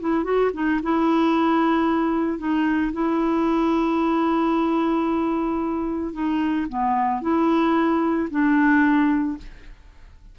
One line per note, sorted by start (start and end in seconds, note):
0.00 0.24 E4
0.24 0.51 F#4
0.53 0.80 D#4
0.83 2.38 E4
2.38 2.92 D#4
2.92 6.13 E4
6.13 6.67 D#4
6.69 7.21 B3
7.21 8.28 E4
8.30 9.37 D4